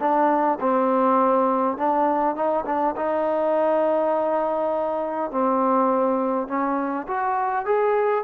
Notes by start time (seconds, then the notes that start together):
0.00 D4
0.60 C4
1.77 D4
2.35 D#4
2.66 D4
2.96 D#4
5.31 C4
6.48 C#4
7.07 F#4
7.66 G#4